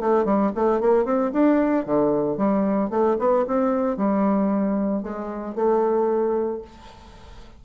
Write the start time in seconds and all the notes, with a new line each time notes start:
0.00 A3
0.25 G3
0.55 A3
0.80 A#3
1.05 C4
1.33 D4
1.86 D3
2.37 G3
2.90 A3
3.19 B3
3.47 C4
3.97 G3
5.03 G#3
5.55 A3